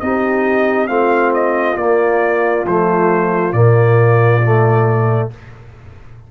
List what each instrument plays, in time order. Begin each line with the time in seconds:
0.00 tuba C4, trombone D#4, horn G4, trumpet D#5
0.87 tuba A3, trombone C4, horn F4, trumpet F5
1.33 trumpet D#5
1.76 tuba A#3, trombone A#3, trumpet D5
2.65 tuba F3, trombone A3, trumpet C5
3.52 tuba A#2, trombone A#3, trumpet D5
4.42 trombone A3